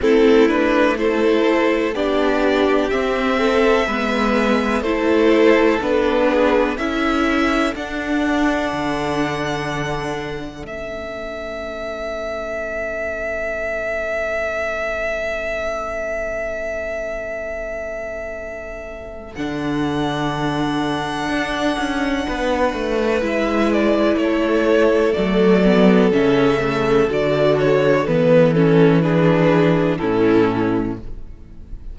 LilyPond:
<<
  \new Staff \with { instrumentName = "violin" } { \time 4/4 \tempo 4 = 62 a'8 b'8 c''4 d''4 e''4~ | e''4 c''4 b'4 e''4 | fis''2. e''4~ | e''1~ |
e''1 | fis''1 | e''8 d''8 cis''4 d''4 e''4 | d''8 cis''8 b'8 a'8 b'4 a'4 | }
  \new Staff \with { instrumentName = "violin" } { \time 4/4 e'4 a'4 g'4. a'8 | b'4 a'4. gis'8 a'4~ | a'1~ | a'1~ |
a'1~ | a'2. b'4~ | b'4 a'2.~ | a'2 gis'4 e'4 | }
  \new Staff \with { instrumentName = "viola" } { \time 4/4 c'8 d'8 e'4 d'4 c'4 | b4 e'4 d'4 e'4 | d'2. cis'4~ | cis'1~ |
cis'1 | d'1 | e'2 a8 b8 cis'8 a8 | fis'4 b8 cis'8 d'4 cis'4 | }
  \new Staff \with { instrumentName = "cello" } { \time 4/4 a2 b4 c'4 | gis4 a4 b4 cis'4 | d'4 d2 a4~ | a1~ |
a1 | d2 d'8 cis'8 b8 a8 | gis4 a4 fis4 cis4 | d4 e2 a,4 | }
>>